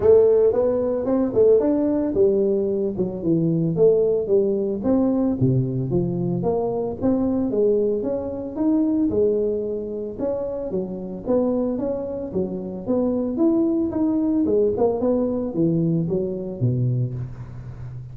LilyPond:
\new Staff \with { instrumentName = "tuba" } { \time 4/4 \tempo 4 = 112 a4 b4 c'8 a8 d'4 | g4. fis8 e4 a4 | g4 c'4 c4 f4 | ais4 c'4 gis4 cis'4 |
dis'4 gis2 cis'4 | fis4 b4 cis'4 fis4 | b4 e'4 dis'4 gis8 ais8 | b4 e4 fis4 b,4 | }